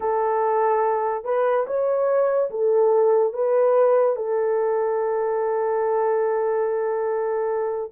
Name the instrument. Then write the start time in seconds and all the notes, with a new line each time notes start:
horn
0.00 A4
1.24 B4
1.66 C#5
2.50 A4
3.33 B4
4.16 A4